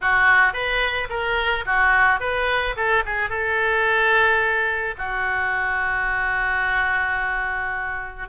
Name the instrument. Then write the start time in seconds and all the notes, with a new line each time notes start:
oboe
0.01 F#4
0.53 B4
1.09 A#4
1.65 F#4
2.20 B4
2.76 A4
3.05 G#4
3.29 A4
4.98 F#4